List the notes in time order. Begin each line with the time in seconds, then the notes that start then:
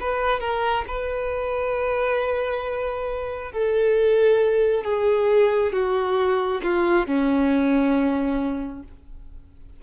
0.00 B4
0.40 A#4
0.87 B4
3.52 A4
4.84 G#4
5.72 F#4
6.63 F4
7.06 C#4